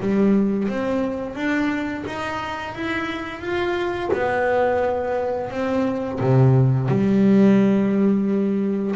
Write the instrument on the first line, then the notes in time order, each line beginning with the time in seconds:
double bass
0.00 G3
0.68 C4
1.35 D4
2.06 D#4
2.75 E4
3.41 F4
4.13 B3
5.50 C4
6.20 C3
6.88 G3